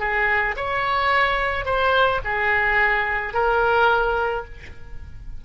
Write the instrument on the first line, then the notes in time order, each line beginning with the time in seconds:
oboe
0.00 G#4
0.57 C#5
1.66 C5
2.25 G#4
3.34 A#4